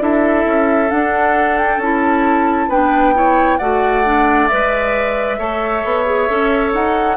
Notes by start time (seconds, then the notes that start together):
0.00 D4 E4 A4 E5
0.46 C#4
0.90 D4 F#5
1.58 G5
1.78 C#4 E4 A5
2.68 B3 D4 B4 G5
3.15 E4 C#5
3.58 A3 F#4 D5 F#5
4.05 D4
4.48 G#3 B4 E5
5.39 A3 A4 C#5
5.84 B3
6.06 G#4
6.28 C#4 A4
6.74 D#4 F#5